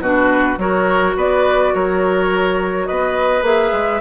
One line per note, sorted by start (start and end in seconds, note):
0.00 0.57 B2
0.00 0.59 D4
0.00 0.59 F#4
0.00 0.59 B4
0.58 1.15 F#3
0.58 3.44 F#4
0.58 1.17 A#4
0.58 1.16 C#5
1.16 1.73 B3
1.16 1.74 B4
1.16 1.75 D5
1.74 2.89 F#3
1.74 2.87 A#4
1.74 2.87 C#5
2.87 3.42 B3
2.87 4.01 B4
2.87 3.44 D#5
3.42 3.71 A#3
3.42 4.01 G#4
3.42 4.01 E5
3.72 4.01 G#3